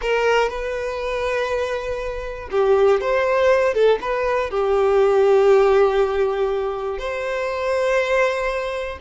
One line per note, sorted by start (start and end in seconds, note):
0.01 0.49 A#4
0.49 2.49 B4
2.51 3.00 G4
3.00 3.73 C5
3.73 3.98 A4
4.01 4.50 B4
4.50 6.98 G4
6.98 8.98 C5